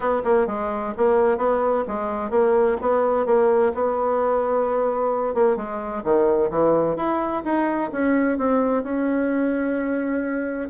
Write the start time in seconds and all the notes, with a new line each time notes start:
0.00 B3
0.24 A#3
0.47 G#3
0.97 A#3
1.37 B3
1.87 G#3
2.30 A#3
2.81 B3
3.26 A#3
3.74 B3
5.34 A#3
5.56 G#3
6.03 D#3
6.50 E3
6.96 E4
7.44 D#4
7.92 C#4
8.37 C4
8.83 C#4